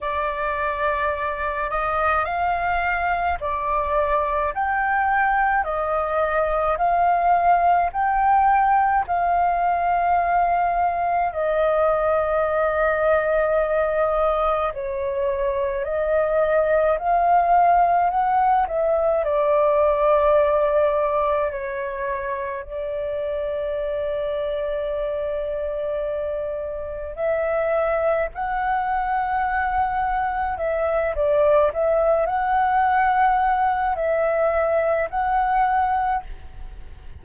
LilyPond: \new Staff \with { instrumentName = "flute" } { \time 4/4 \tempo 4 = 53 d''4. dis''8 f''4 d''4 | g''4 dis''4 f''4 g''4 | f''2 dis''2~ | dis''4 cis''4 dis''4 f''4 |
fis''8 e''8 d''2 cis''4 | d''1 | e''4 fis''2 e''8 d''8 | e''8 fis''4. e''4 fis''4 | }